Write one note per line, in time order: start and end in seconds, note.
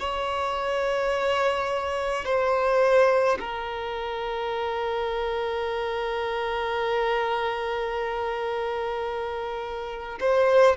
0.00 2.25 C#5
2.25 3.39 C5
3.40 10.19 A#4
10.20 10.77 C5